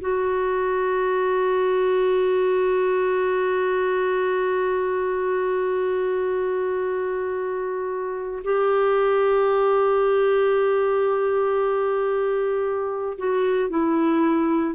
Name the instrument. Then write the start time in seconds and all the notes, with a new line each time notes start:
clarinet
0.00 F#4
8.44 G4
13.18 F#4
13.69 E4